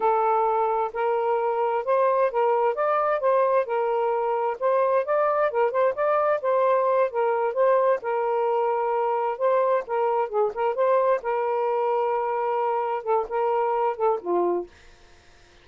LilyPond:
\new Staff \with { instrumentName = "saxophone" } { \time 4/4 \tempo 4 = 131 a'2 ais'2 | c''4 ais'4 d''4 c''4 | ais'2 c''4 d''4 | ais'8 c''8 d''4 c''4. ais'8~ |
ais'8 c''4 ais'2~ ais'8~ | ais'8 c''4 ais'4 gis'8 ais'8 c''8~ | c''8 ais'2.~ ais'8~ | ais'8 a'8 ais'4. a'8 f'4 | }